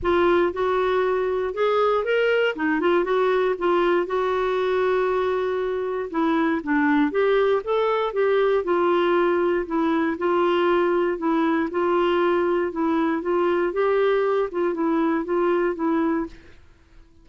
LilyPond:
\new Staff \with { instrumentName = "clarinet" } { \time 4/4 \tempo 4 = 118 f'4 fis'2 gis'4 | ais'4 dis'8 f'8 fis'4 f'4 | fis'1 | e'4 d'4 g'4 a'4 |
g'4 f'2 e'4 | f'2 e'4 f'4~ | f'4 e'4 f'4 g'4~ | g'8 f'8 e'4 f'4 e'4 | }